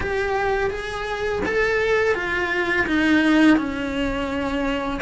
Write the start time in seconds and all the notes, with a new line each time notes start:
0.00 G4
0.70 G#4
1.45 A4
2.14 F4
2.86 D#4
3.57 C#4